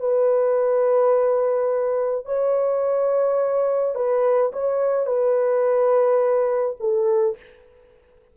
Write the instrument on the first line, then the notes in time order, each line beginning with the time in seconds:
horn
0.00 B4
2.25 C#5
3.95 B4
4.52 C#5
5.06 B4
6.79 A4